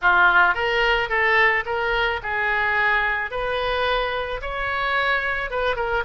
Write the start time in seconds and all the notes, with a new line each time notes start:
0.01 F4
0.54 A#4
1.09 A4
1.65 A#4
2.22 G#4
3.30 B4
4.41 C#5
5.50 B4
5.76 A#4